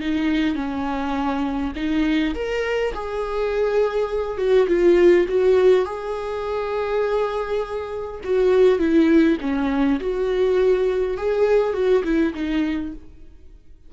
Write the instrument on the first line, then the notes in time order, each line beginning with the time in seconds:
viola
0.00 D#4
0.55 C#4
1.75 D#4
2.34 A#4
2.94 G#4
4.37 F#4
4.67 F4
5.28 F#4
5.85 G#4
8.24 F#4
8.79 E4
9.41 C#4
10.00 F#4
11.17 G#4
11.73 F#4
12.04 E4
12.34 D#4